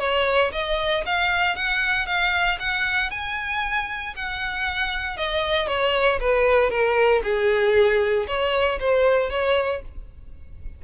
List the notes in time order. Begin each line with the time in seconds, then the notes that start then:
0.00 C#5
0.53 D#5
1.06 F5
1.56 F#5
2.07 F5
2.60 F#5
3.11 G#5
4.16 F#5
5.17 D#5
5.68 C#5
6.20 B4
6.71 A#4
7.24 G#4
8.28 C#5
8.80 C5
9.31 C#5